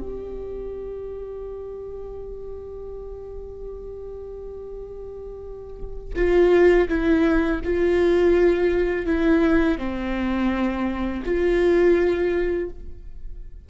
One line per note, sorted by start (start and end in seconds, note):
0.00 6.14 G4
6.16 6.88 F4
6.88 7.61 E4
7.64 9.06 F4
9.06 9.78 E4
9.79 11.23 C4
11.25 12.70 F4